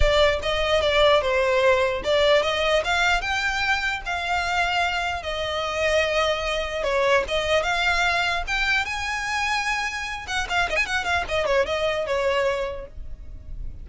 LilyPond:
\new Staff \with { instrumentName = "violin" } { \time 4/4 \tempo 4 = 149 d''4 dis''4 d''4 c''4~ | c''4 d''4 dis''4 f''4 | g''2 f''2~ | f''4 dis''2.~ |
dis''4 cis''4 dis''4 f''4~ | f''4 g''4 gis''2~ | gis''4. fis''8 f''8 dis''16 gis''16 fis''8 f''8 | dis''8 cis''8 dis''4 cis''2 | }